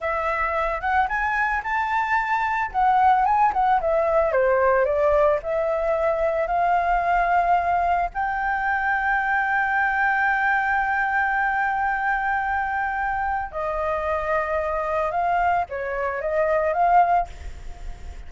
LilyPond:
\new Staff \with { instrumentName = "flute" } { \time 4/4 \tempo 4 = 111 e''4. fis''8 gis''4 a''4~ | a''4 fis''4 gis''8 fis''8 e''4 | c''4 d''4 e''2 | f''2. g''4~ |
g''1~ | g''1~ | g''4 dis''2. | f''4 cis''4 dis''4 f''4 | }